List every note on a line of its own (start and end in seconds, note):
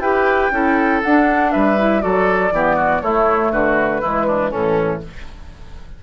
0.00 0.50 E4
0.00 0.52 G4
0.00 0.53 B4
0.00 1.01 G5
0.51 1.01 C#4
0.51 1.02 E4
0.51 1.52 A4
1.03 1.55 D4
1.03 1.78 D4
1.03 1.52 F#5
1.52 2.04 G3
1.52 2.02 B4
1.52 2.02 E5
1.78 2.01 E4
2.01 2.52 F#3
2.01 2.51 F#4
2.01 2.53 A4
2.01 3.02 D5
2.52 3.02 E3
2.52 3.03 B3
2.52 2.76 G4
2.76 3.01 F#4
3.02 3.52 A3
3.02 4.03 A3
3.02 3.52 E4
3.02 3.52 C#5
3.52 4.02 D3
3.52 4.01 F#4
3.52 4.52 B4
4.01 4.54 E3
4.01 4.52 G#3
4.01 4.26 E4
4.27 4.51 D4
4.51 5.04 A2
4.51 5.02 E3
4.51 5.01 C#4
4.51 5.02 A4